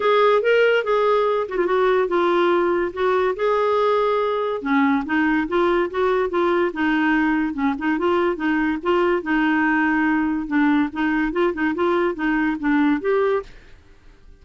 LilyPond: \new Staff \with { instrumentName = "clarinet" } { \time 4/4 \tempo 4 = 143 gis'4 ais'4 gis'4. fis'16 f'16 | fis'4 f'2 fis'4 | gis'2. cis'4 | dis'4 f'4 fis'4 f'4 |
dis'2 cis'8 dis'8 f'4 | dis'4 f'4 dis'2~ | dis'4 d'4 dis'4 f'8 dis'8 | f'4 dis'4 d'4 g'4 | }